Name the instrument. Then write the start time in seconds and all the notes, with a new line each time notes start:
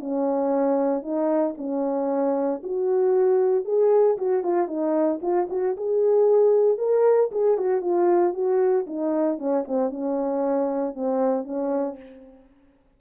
horn
0.00 C#4
1.03 D#4
1.58 C#4
2.63 F#4
3.65 G#4
4.17 F#4
4.43 F4
4.68 D#4
5.22 F4
5.50 F#4
5.77 G#4
6.78 A#4
7.32 G#4
7.58 F#4
7.81 F4
8.34 F#4
8.87 D#4
9.38 C#4
9.68 C4
9.90 C#4
10.94 C4
11.45 C#4